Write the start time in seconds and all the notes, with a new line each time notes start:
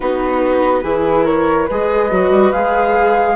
0.00 B3 D#4 F#4 B4
0.83 E3 E4 G#4
1.24 A#4 C#5
1.66 G#3 G#4 B4 D#5
2.11 F#3 F#4
2.30 G3
2.52 G#3 G#4 F5